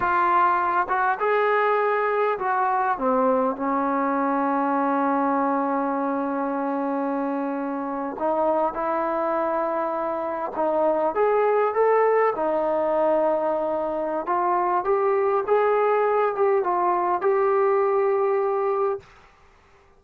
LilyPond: \new Staff \with { instrumentName = "trombone" } { \time 4/4 \tempo 4 = 101 f'4. fis'8 gis'2 | fis'4 c'4 cis'2~ | cis'1~ | cis'4.~ cis'16 dis'4 e'4~ e'16~ |
e'4.~ e'16 dis'4 gis'4 a'16~ | a'8. dis'2.~ dis'16 | f'4 g'4 gis'4. g'8 | f'4 g'2. | }